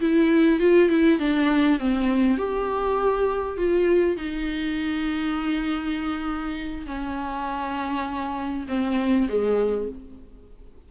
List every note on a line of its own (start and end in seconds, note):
0.00 0.59 E4
0.59 0.89 F4
0.89 1.19 E4
1.19 1.79 D4
1.79 2.37 C4
2.37 3.57 G4
3.57 4.16 F4
4.16 6.86 D#4
6.86 8.66 C#4
8.68 9.28 C4
9.29 9.89 G#3